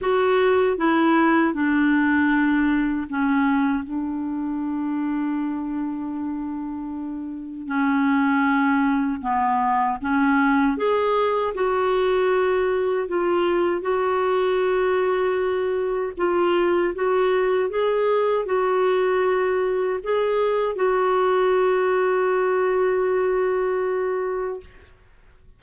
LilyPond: \new Staff \with { instrumentName = "clarinet" } { \time 4/4 \tempo 4 = 78 fis'4 e'4 d'2 | cis'4 d'2.~ | d'2 cis'2 | b4 cis'4 gis'4 fis'4~ |
fis'4 f'4 fis'2~ | fis'4 f'4 fis'4 gis'4 | fis'2 gis'4 fis'4~ | fis'1 | }